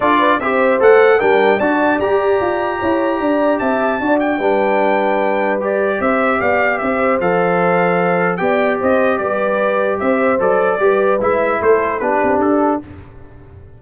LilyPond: <<
  \new Staff \with { instrumentName = "trumpet" } { \time 4/4 \tempo 4 = 150 d''4 e''4 fis''4 g''4 | a''4 ais''2.~ | ais''4 a''4. g''4.~ | g''2 d''4 e''4 |
f''4 e''4 f''2~ | f''4 g''4 dis''4 d''4~ | d''4 e''4 d''2 | e''4 c''4 b'4 a'4 | }
  \new Staff \with { instrumentName = "horn" } { \time 4/4 a'8 b'8 c''2 ais'4 | d''2. cis''4 | d''4 e''4 d''4 b'4~ | b'2. c''4 |
d''4 c''2.~ | c''4 d''4 c''4 b'4~ | b'4 c''2 b'4~ | b'4 a'4 g'2 | }
  \new Staff \with { instrumentName = "trombone" } { \time 4/4 f'4 g'4 a'4 d'4 | fis'4 g'2.~ | g'2 fis'4 d'4~ | d'2 g'2~ |
g'2 a'2~ | a'4 g'2.~ | g'2 a'4 g'4 | e'2 d'2 | }
  \new Staff \with { instrumentName = "tuba" } { \time 4/4 d'4 c'4 a4 g4 | d'4 g'4 f'4 e'4 | d'4 c'4 d'4 g4~ | g2. c'4 |
b4 c'4 f2~ | f4 b4 c'4 g4~ | g4 c'4 fis4 g4 | gis4 a4 b8 c'8 d'4 | }
>>